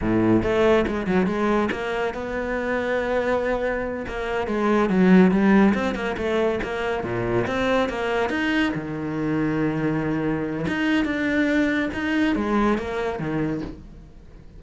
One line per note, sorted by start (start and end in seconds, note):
0.01 0.42 A2
0.42 0.85 A3
0.87 1.06 G#3
1.06 1.26 F#3
1.26 1.69 G#3
1.71 2.14 A#3
2.14 4.05 B3
4.07 4.47 A#3
4.47 4.89 G#3
4.89 5.31 F#3
5.31 5.73 G3
5.74 5.94 C4
5.94 6.16 A#3
6.17 6.59 A3
6.63 7.03 A#3
7.03 7.46 A#2
7.46 7.89 C4
7.89 8.29 A#3
8.29 8.72 D#4
8.74 10.66 D#3
10.67 11.04 D#4
11.04 11.89 D4
11.93 12.35 D#4
12.35 12.78 G#3
12.78 13.19 A#3
13.19 13.61 D#3